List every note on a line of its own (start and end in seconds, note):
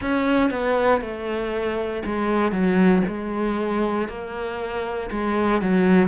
0.01 0.50 C#4
0.50 1.01 B3
1.01 2.02 A3
2.05 2.51 G#3
2.51 3.02 F#3
3.07 4.08 G#3
4.08 5.10 A#3
5.11 5.61 G#3
5.61 6.08 F#3